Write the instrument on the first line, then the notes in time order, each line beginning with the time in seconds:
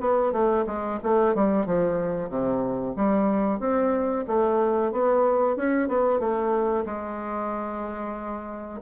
bassoon
0.00 B3
0.32 A3
0.66 G#3
1.03 A3
1.34 G3
1.66 F3
2.29 C3
2.96 G3
3.60 C4
4.27 A3
4.92 B3
5.56 C#4
5.88 B3
6.19 A3
6.85 G#3